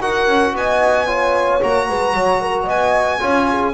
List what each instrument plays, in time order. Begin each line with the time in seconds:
0.00 double bass D#4, trombone F#4, horn A#4, violin F#5
0.27 double bass C#4
0.53 double bass B3, horn D#5, violin G#5
1.06 trombone F4, horn C#5
1.61 double bass A#3, trombone F#4, violin A#5
1.88 double bass G#3, horn B4
2.14 double bass F#3, horn C#5
2.41 horn A#4
2.64 double bass B3, horn D#5, violin G#5
3.19 double bass C#4, trombone F4, horn C#5
3.51 horn G#4